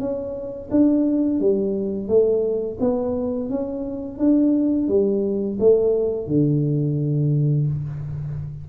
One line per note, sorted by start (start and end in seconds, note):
0.00 0.70 C#4
0.71 1.40 D4
1.40 2.08 G3
2.08 2.78 A3
2.80 3.50 B3
3.50 4.19 C#4
4.19 4.89 D4
4.89 5.58 G3
5.60 6.28 A3
6.28 7.67 D3